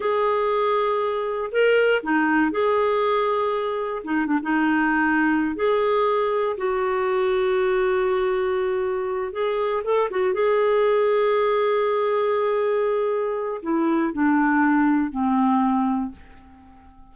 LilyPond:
\new Staff \with { instrumentName = "clarinet" } { \time 4/4 \tempo 4 = 119 gis'2. ais'4 | dis'4 gis'2. | dis'8 d'16 dis'2~ dis'16 gis'4~ | gis'4 fis'2.~ |
fis'2~ fis'8 gis'4 a'8 | fis'8 gis'2.~ gis'8~ | gis'2. e'4 | d'2 c'2 | }